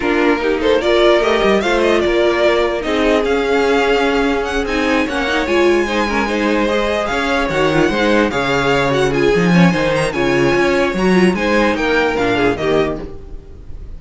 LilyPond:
<<
  \new Staff \with { instrumentName = "violin" } { \time 4/4 \tempo 4 = 148 ais'4. c''8 d''4 dis''4 | f''8 dis''8 d''2 dis''4 | f''2. fis''8 gis''8~ | gis''8 fis''4 gis''2~ gis''8~ |
gis''8 dis''4 f''4 fis''4.~ | fis''8 f''4. fis''8 gis''4.~ | gis''8 ais''8 gis''2 ais''4 | gis''4 g''4 f''4 dis''4 | }
  \new Staff \with { instrumentName = "violin" } { \time 4/4 f'4 g'8 a'8 ais'2 | c''4 ais'2 gis'4~ | gis'1~ | gis'8 cis''2 c''8 ais'8 c''8~ |
c''4. cis''2 c''8~ | c''8 cis''2 gis'4 cis''8 | c''4 cis''2. | c''4 ais'4. gis'8 g'4 | }
  \new Staff \with { instrumentName = "viola" } { \time 4/4 d'4 dis'4 f'4 g'4 | f'2. dis'4 | cis'2.~ cis'8 dis'8~ | dis'8 cis'8 dis'8 f'4 dis'8 cis'8 dis'8~ |
dis'8 gis'2 fis'8 f'8 dis'8~ | dis'8 gis'4. fis'8 f'8 dis'8 cis'8 | dis'4 f'2 fis'8 f'8 | dis'2 d'4 ais4 | }
  \new Staff \with { instrumentName = "cello" } { \time 4/4 ais2. a8 g8 | a4 ais2 c'4 | cis'2.~ cis'8 c'8~ | c'8 ais4 gis2~ gis8~ |
gis4. cis'4 dis4 gis8~ | gis8 cis2~ cis8 f4 | dis4 cis4 cis'4 fis4 | gis4 ais4 ais,4 dis4 | }
>>